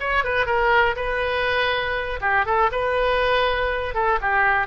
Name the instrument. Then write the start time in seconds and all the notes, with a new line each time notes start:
oboe
0.00 C#5
0.24 B4
0.46 A#4
0.96 B4
2.21 G4
2.46 A4
2.72 B4
3.95 A4
4.21 G4